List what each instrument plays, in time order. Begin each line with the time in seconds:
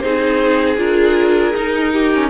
0.00 cello C4, viola D#4, violin G#4 C5
0.77 cello D4, viola F4, violin A#4
1.56 cello D#4, viola D#4
1.92 violin G4
2.14 viola C#4